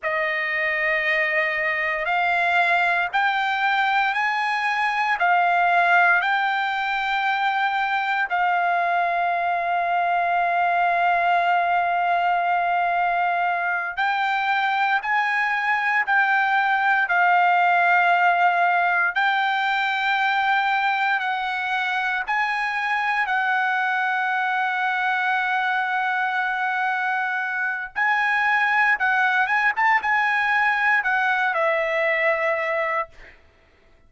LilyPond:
\new Staff \with { instrumentName = "trumpet" } { \time 4/4 \tempo 4 = 58 dis''2 f''4 g''4 | gis''4 f''4 g''2 | f''1~ | f''4. g''4 gis''4 g''8~ |
g''8 f''2 g''4.~ | g''8 fis''4 gis''4 fis''4.~ | fis''2. gis''4 | fis''8 gis''16 a''16 gis''4 fis''8 e''4. | }